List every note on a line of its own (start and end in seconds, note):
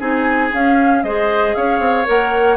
0.00 0.52 C4
0.00 0.52 D#4
0.00 1.03 G#4
0.00 0.54 G#5
0.53 1.05 C#4
0.53 1.03 C#4
0.53 1.04 F5
1.03 1.55 G#3
1.03 2.05 G#4
1.03 1.56 C5
1.03 1.55 D#5
1.55 1.80 C#4
1.55 2.58 C#5
1.55 2.07 F5
1.80 2.06 C4
2.05 2.58 A#3
2.05 2.57 A#4
2.05 2.58 F#5